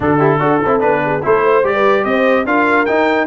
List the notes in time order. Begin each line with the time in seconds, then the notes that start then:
0.00 D3 D4 F#4 A4
0.18 E4 G4
0.39 D4 F#4 A4
0.65 C4 E4
0.79 B3 D4 B4
1.04 G#4
1.23 A3 E4 A4 C5
1.44 C5
1.63 G3 G4 D5
1.74 B4
2.04 C4 C5 D#5
2.45 D4 F4 A#4 F5
2.85 D#4 G5